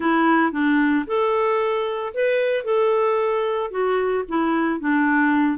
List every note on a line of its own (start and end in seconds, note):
0.00 0.52 E4
0.52 1.05 D4
1.06 2.13 A4
2.14 2.64 B4
2.64 3.70 A4
3.70 4.24 F#4
4.28 4.80 E4
4.80 5.58 D4